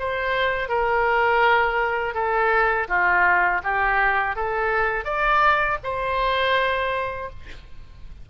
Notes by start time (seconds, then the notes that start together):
0.00 C5
0.69 A#4
2.15 A4
2.89 F4
3.64 G4
4.36 A4
5.05 D5
5.84 C5